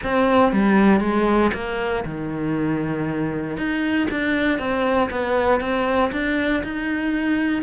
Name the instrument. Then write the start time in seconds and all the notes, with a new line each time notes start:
cello
0.03 C4
0.52 G3
1.00 G#3
1.53 A#3
2.05 D#3
3.57 D#4
4.10 D4
4.58 C4
5.10 B3
5.60 C4
6.11 D4
6.63 D#4